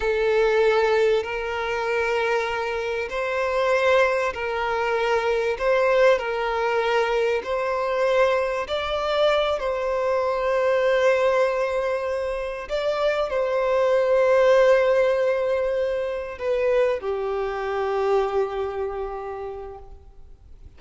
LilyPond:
\new Staff \with { instrumentName = "violin" } { \time 4/4 \tempo 4 = 97 a'2 ais'2~ | ais'4 c''2 ais'4~ | ais'4 c''4 ais'2 | c''2 d''4. c''8~ |
c''1~ | c''8 d''4 c''2~ c''8~ | c''2~ c''8 b'4 g'8~ | g'1 | }